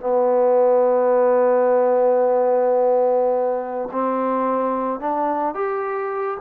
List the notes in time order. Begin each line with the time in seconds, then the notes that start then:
0.00 B3
3.92 C4
5.00 D4
5.54 G4